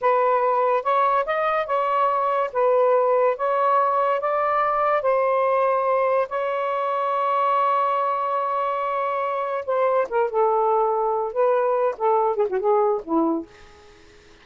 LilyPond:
\new Staff \with { instrumentName = "saxophone" } { \time 4/4 \tempo 4 = 143 b'2 cis''4 dis''4 | cis''2 b'2 | cis''2 d''2 | c''2. cis''4~ |
cis''1~ | cis''2. c''4 | ais'8 a'2~ a'8 b'4~ | b'8 a'4 gis'16 fis'16 gis'4 e'4 | }